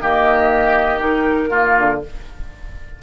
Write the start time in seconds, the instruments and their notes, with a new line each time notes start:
0.00 bassoon D#3, clarinet A#3, oboe G4, flute D#5
0.98 clarinet D#4, flute A#4
1.49 clarinet A#3, oboe F4
1.77 bassoon D3